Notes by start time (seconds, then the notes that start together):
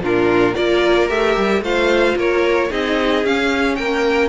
0.00 A#2 D4 F4 A#4
0.55 A#3 F4 A#4 D5
1.08 A3 G4 E5
1.37 G3
1.61 A3 F4 C5 F5
2.16 A#3 A#4 C#5
2.70 C4 D#4 G#4 D#5
3.25 C#4 F5
3.76 A#3 A#4 G5